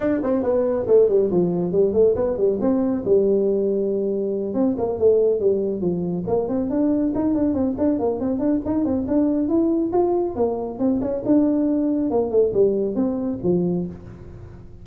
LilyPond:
\new Staff \with { instrumentName = "tuba" } { \time 4/4 \tempo 4 = 139 d'8 c'8 b4 a8 g8 f4 | g8 a8 b8 g8 c'4 g4~ | g2~ g8 c'8 ais8 a8~ | a8 g4 f4 ais8 c'8 d'8~ |
d'8 dis'8 d'8 c'8 d'8 ais8 c'8 d'8 | dis'8 c'8 d'4 e'4 f'4 | ais4 c'8 cis'8 d'2 | ais8 a8 g4 c'4 f4 | }